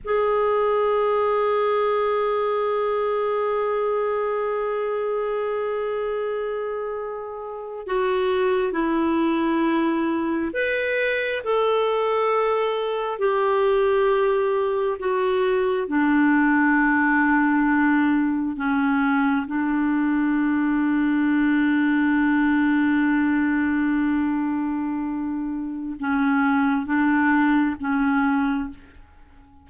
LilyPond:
\new Staff \with { instrumentName = "clarinet" } { \time 4/4 \tempo 4 = 67 gis'1~ | gis'1~ | gis'8. fis'4 e'2 b'16~ | b'8. a'2 g'4~ g'16~ |
g'8. fis'4 d'2~ d'16~ | d'8. cis'4 d'2~ d'16~ | d'1~ | d'4 cis'4 d'4 cis'4 | }